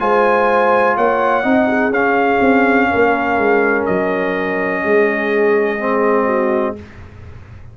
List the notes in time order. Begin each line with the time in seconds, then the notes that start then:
0.00 G#3 F4 C5 G#5
0.97 A#3 C#5 F#5
1.43 C4 D#4 D#5
1.68 G#4
1.90 C#4 F5
2.41 C4
2.90 A#3 A#4
3.38 G#3
3.86 F#3 D#5
4.84 G#3 G#4
5.79 C4
6.25 F#4